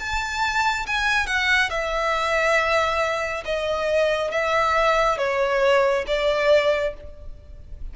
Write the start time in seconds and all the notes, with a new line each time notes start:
0.00 A5
0.87 G#5
1.27 F#5
1.70 E5
3.45 D#5
4.32 E5
5.19 C#5
6.08 D5